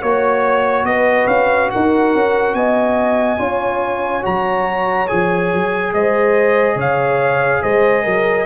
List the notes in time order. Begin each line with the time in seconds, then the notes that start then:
0.00 A#3 F#4 C#5
0.84 B3 B4 D#5
1.27 C#4 F5
1.71 D#4 A#4 F#5
2.14 C#4
2.54 B3 D#5 G#5
3.38 C#4 F4 C#5
4.22 F#3 F#4 A#5
5.08 F3 G#4 G#5
5.53 F#3
5.93 G#3 C5 D#5
6.75 C#3 C#5 F5
7.62 G#3 C5 D#5
8.03 F#3 A#4